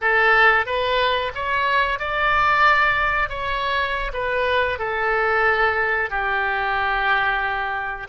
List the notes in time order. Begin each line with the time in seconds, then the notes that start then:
0.01 A4
0.66 B4
1.34 C#5
1.99 D5
3.29 C#5
4.13 B4
4.79 A4
6.10 G4